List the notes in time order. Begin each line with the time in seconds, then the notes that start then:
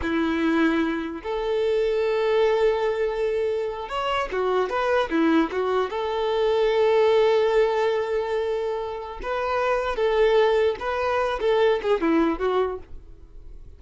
0.02 E4
1.22 A4
3.89 C#5
4.32 F#4
4.69 B4
5.09 E4
5.51 F#4
5.90 A4
9.22 B4
9.96 A4
10.79 B4
11.40 A4
11.82 G#4
12.00 E4
12.39 F#4